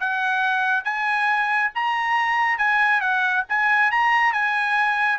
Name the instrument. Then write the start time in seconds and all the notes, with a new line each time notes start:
trumpet
0.00 F#5
0.84 G#5
1.75 A#5
2.58 G#5
3.01 F#5
3.49 G#5
3.91 A#5
4.33 G#5